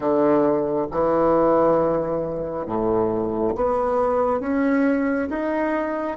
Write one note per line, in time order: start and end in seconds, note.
0.00 0.86 D3
0.91 2.66 E3
2.66 3.54 A2
3.55 4.40 B3
4.40 5.28 C#4
5.29 6.17 D#4